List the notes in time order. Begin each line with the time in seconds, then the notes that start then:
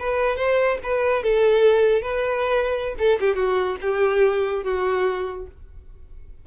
0.00 B4
0.37 C5
0.84 B4
1.24 A4
2.03 B4
2.99 A4
3.21 G4
3.36 F#4
3.82 G4
4.64 F#4